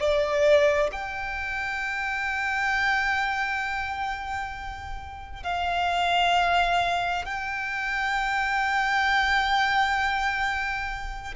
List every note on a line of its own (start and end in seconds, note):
0.00 0.91 D5
0.93 5.43 G5
5.43 7.25 F5
7.26 11.35 G5